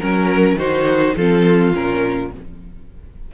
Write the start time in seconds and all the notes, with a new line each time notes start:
0.00 F#3 C#4 A#4
0.56 D#3 D#4 F#4 C5
1.16 F3 C4 F4 A4
1.74 A#2 C#4 A#4